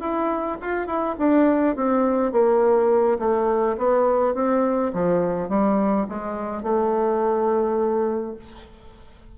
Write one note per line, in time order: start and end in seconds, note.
0.00 0.58 E4
0.61 0.87 F4
0.87 1.16 E4
1.19 1.76 D4
1.76 2.32 C4
2.32 3.18 A#3
3.19 3.77 A3
3.78 4.34 B3
4.34 4.92 C4
4.93 5.49 F3
5.49 6.07 G3
6.09 6.63 G#3
6.63 8.36 A3